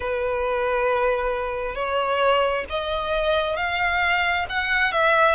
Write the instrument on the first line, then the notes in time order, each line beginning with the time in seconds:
violin
0.00 B4
1.75 C#5
2.69 D#5
3.56 F5
4.49 F#5
4.92 E5